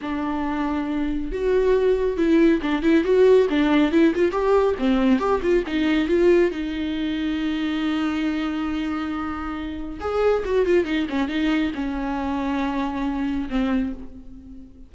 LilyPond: \new Staff \with { instrumentName = "viola" } { \time 4/4 \tempo 4 = 138 d'2. fis'4~ | fis'4 e'4 d'8 e'8 fis'4 | d'4 e'8 f'8 g'4 c'4 | g'8 f'8 dis'4 f'4 dis'4~ |
dis'1~ | dis'2. gis'4 | fis'8 f'8 dis'8 cis'8 dis'4 cis'4~ | cis'2. c'4 | }